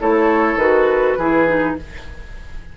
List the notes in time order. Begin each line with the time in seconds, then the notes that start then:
0.00 A3 E4 A4 C#5
0.56 D#3 F#4 B4
1.18 E3 E4 G#4
1.47 D#4